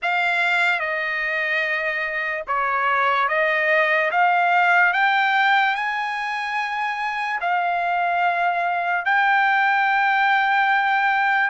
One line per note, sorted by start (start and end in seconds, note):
0.02 0.79 F5
0.79 2.44 D#5
2.47 3.28 C#5
3.28 4.10 D#5
4.11 4.93 F5
4.93 5.75 G5
5.75 7.39 G#5
7.40 9.05 F5
9.05 11.50 G5